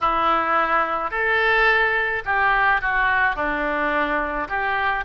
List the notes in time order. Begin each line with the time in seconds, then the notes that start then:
0.00 E4
1.10 A4
2.25 G4
2.81 F#4
3.35 D4
4.48 G4